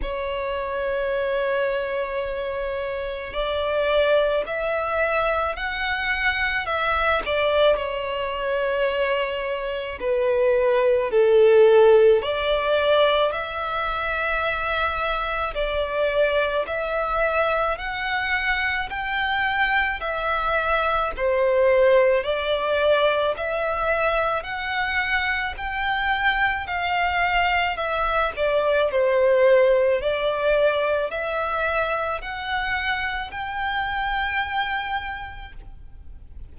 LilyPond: \new Staff \with { instrumentName = "violin" } { \time 4/4 \tempo 4 = 54 cis''2. d''4 | e''4 fis''4 e''8 d''8 cis''4~ | cis''4 b'4 a'4 d''4 | e''2 d''4 e''4 |
fis''4 g''4 e''4 c''4 | d''4 e''4 fis''4 g''4 | f''4 e''8 d''8 c''4 d''4 | e''4 fis''4 g''2 | }